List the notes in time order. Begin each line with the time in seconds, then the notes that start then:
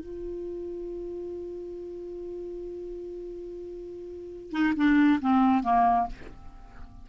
0.00 F4
4.52 D#4
4.77 D4
5.21 C4
5.64 A#3